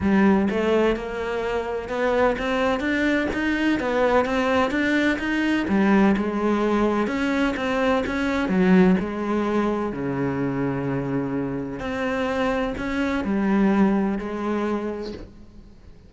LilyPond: \new Staff \with { instrumentName = "cello" } { \time 4/4 \tempo 4 = 127 g4 a4 ais2 | b4 c'4 d'4 dis'4 | b4 c'4 d'4 dis'4 | g4 gis2 cis'4 |
c'4 cis'4 fis4 gis4~ | gis4 cis2.~ | cis4 c'2 cis'4 | g2 gis2 | }